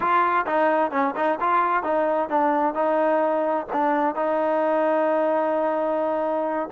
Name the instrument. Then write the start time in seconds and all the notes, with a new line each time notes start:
trombone
0.00 F4
0.46 D#4
0.91 C#4
1.15 D#4
1.40 F4
1.83 D#4
2.29 D4
2.74 D#4
3.72 D4
4.15 D#4